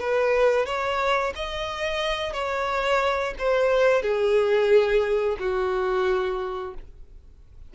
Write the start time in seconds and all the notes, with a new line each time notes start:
0.00 B4
0.66 C#5
1.35 D#5
2.33 C#5
3.39 C5
4.02 G#4
5.40 F#4